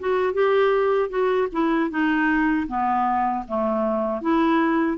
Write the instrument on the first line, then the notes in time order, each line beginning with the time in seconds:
clarinet
0.00 F#4
0.34 G4
1.09 F#4
1.52 E4
1.90 D#4
2.68 B3
3.48 A3
4.21 E4